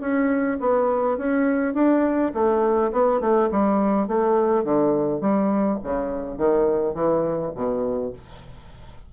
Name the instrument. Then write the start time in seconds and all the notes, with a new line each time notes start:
bassoon
0.00 C#4
0.60 B3
1.17 C#4
1.74 D4
2.34 A3
2.92 B3
3.20 A3
3.51 G3
4.08 A3
4.64 D3
5.20 G3
5.83 C#3
6.37 D#3
6.94 E3
7.55 B2